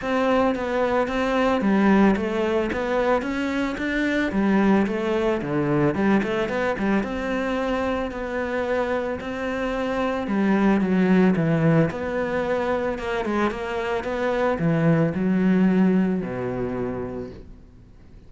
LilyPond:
\new Staff \with { instrumentName = "cello" } { \time 4/4 \tempo 4 = 111 c'4 b4 c'4 g4 | a4 b4 cis'4 d'4 | g4 a4 d4 g8 a8 | b8 g8 c'2 b4~ |
b4 c'2 g4 | fis4 e4 b2 | ais8 gis8 ais4 b4 e4 | fis2 b,2 | }